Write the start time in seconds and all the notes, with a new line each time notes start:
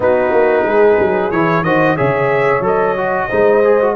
0.00 B3 D#4 F#4 B4
0.31 A#3
0.64 G#3 G#4
0.99 F#3
1.31 E3 E4 C#5
1.62 D#3 F#4 C5 D#5
1.96 C#3 G#4 C#5 E5
2.60 F#3 A4
2.66 D#5
2.96 F#4
3.28 G#3 D#4 C5
3.64 G#4
3.81 F#4